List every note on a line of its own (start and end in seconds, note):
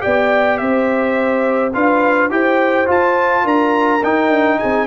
0.00 1.71 G4
0.00 0.60 D5
0.00 0.58 G5
0.06 0.61 B3
0.58 1.75 C4
0.58 1.75 C5
0.58 1.72 E5
1.74 2.31 D4
1.74 2.30 F4
1.74 2.32 B4
1.74 2.31 F5
2.30 2.88 E4
2.30 2.86 G4
2.30 3.44 C5
2.30 2.89 G5
2.86 4.01 F4
2.86 3.45 F4
2.86 3.48 A5
3.44 4.02 D4
3.44 4.58 A#4
3.44 4.04 A#5
4.04 4.30 D#4
4.04 4.87 D#4
4.04 4.59 G5
4.30 4.58 D4
4.59 4.87 C4
4.59 4.87 G#4
4.59 4.87 G#5